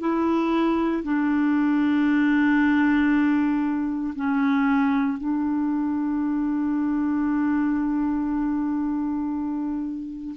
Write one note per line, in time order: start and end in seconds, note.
0.00 1.03 E4
1.04 4.14 D4
4.16 5.18 C#4
5.18 10.35 D4